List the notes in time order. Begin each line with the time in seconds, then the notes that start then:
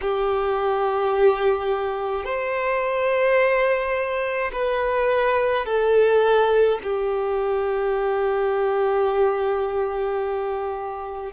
0.01 G4
2.24 C5
4.52 B4
5.65 A4
6.83 G4